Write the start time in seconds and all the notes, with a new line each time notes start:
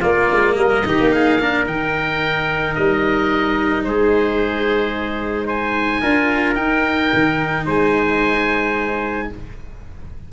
0.00 A#3 F4 D5
0.31 G#3
0.55 G3 A#4 D#5
0.85 D#3 D#4 G4
1.00 A#3
1.10 G#4 F5
1.40 D4 A#4
1.66 D#3 D#4 G5
2.74 G3 D#5
3.83 G#3 G#4 C5
5.46 C5 G#5
6.01 D4 F4 A#4
6.54 D#4 G5
7.13 D#3
7.65 G#3 C5 G#5